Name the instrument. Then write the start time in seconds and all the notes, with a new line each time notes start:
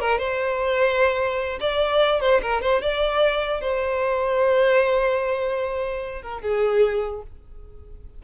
violin
0.00 A#4
0.18 C5
1.60 D5
2.21 C5
2.42 A#4
2.61 C5
2.81 D5
3.61 C5
6.22 A#4
6.42 G#4